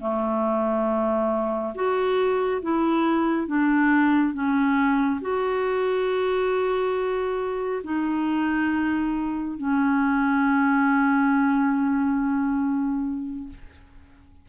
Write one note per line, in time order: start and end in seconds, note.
0.00 1.74 A3
1.75 2.62 F#4
2.62 3.47 E4
3.47 4.34 D4
4.34 5.21 C#4
5.21 7.82 F#4
7.84 9.58 D#4
9.58 13.49 C#4